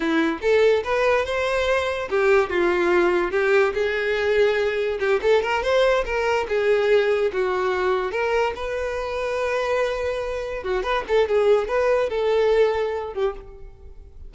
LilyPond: \new Staff \with { instrumentName = "violin" } { \time 4/4 \tempo 4 = 144 e'4 a'4 b'4 c''4~ | c''4 g'4 f'2 | g'4 gis'2. | g'8 a'8 ais'8 c''4 ais'4 gis'8~ |
gis'4. fis'2 ais'8~ | ais'8 b'2.~ b'8~ | b'4. fis'8 b'8 a'8 gis'4 | b'4 a'2~ a'8 g'8 | }